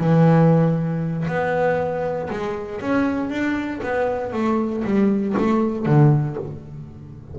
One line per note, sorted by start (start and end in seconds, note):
0.00 1.27 E3
1.28 2.30 B3
2.30 2.81 G#3
2.82 3.30 C#4
3.30 3.81 D4
3.84 4.33 B3
4.33 4.84 A3
4.85 5.36 G3
5.38 5.86 A3
5.86 6.37 D3